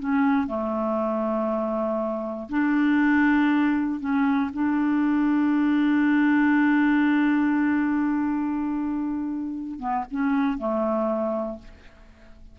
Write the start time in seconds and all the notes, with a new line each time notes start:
0.00 C#4
0.47 A3
2.50 D4
4.00 C#4
4.54 D4
9.80 B3
10.11 C#4
10.59 A3